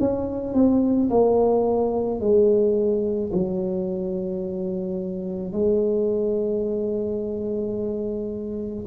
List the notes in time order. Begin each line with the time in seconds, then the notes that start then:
0.00 C#4
0.54 C4
1.10 A#3
2.20 G#3
3.33 F#3
5.53 G#3